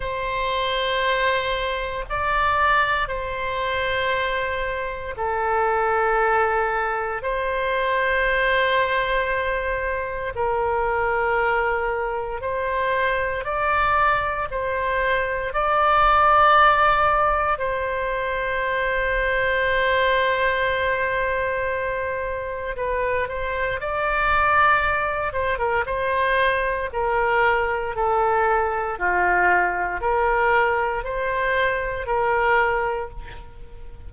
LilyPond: \new Staff \with { instrumentName = "oboe" } { \time 4/4 \tempo 4 = 58 c''2 d''4 c''4~ | c''4 a'2 c''4~ | c''2 ais'2 | c''4 d''4 c''4 d''4~ |
d''4 c''2.~ | c''2 b'8 c''8 d''4~ | d''8 c''16 ais'16 c''4 ais'4 a'4 | f'4 ais'4 c''4 ais'4 | }